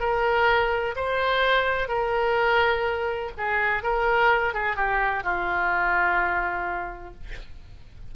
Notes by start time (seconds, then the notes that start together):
0.00 A#4
0.96 C5
1.88 A#4
3.38 G#4
3.83 A#4
4.54 G#4
4.76 G4
5.23 F4